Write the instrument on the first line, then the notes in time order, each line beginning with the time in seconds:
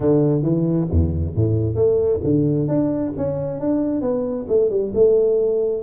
tuba
0.00 D3
0.42 E3
0.91 E2
1.35 A2
1.75 A3
2.23 D3
2.67 D4
3.17 C#4
3.60 D4
4.01 B3
4.48 A3
4.70 G3
4.94 A3